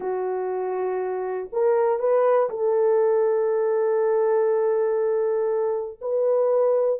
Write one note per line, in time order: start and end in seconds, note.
0.00 1.49 F#4
1.52 1.99 A#4
1.99 2.49 B4
2.49 5.99 A4
6.01 7.00 B4